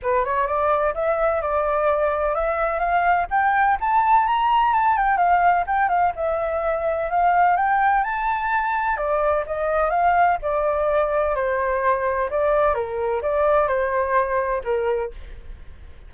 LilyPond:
\new Staff \with { instrumentName = "flute" } { \time 4/4 \tempo 4 = 127 b'8 cis''8 d''4 e''4 d''4~ | d''4 e''4 f''4 g''4 | a''4 ais''4 a''8 g''8 f''4 | g''8 f''8 e''2 f''4 |
g''4 a''2 d''4 | dis''4 f''4 d''2 | c''2 d''4 ais'4 | d''4 c''2 ais'4 | }